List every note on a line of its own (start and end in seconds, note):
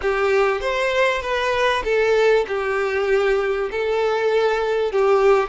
0.01 0.60 G4
0.60 1.21 C5
1.22 1.83 B4
1.84 2.45 A4
2.47 3.70 G4
3.71 4.91 A4
4.91 5.49 G4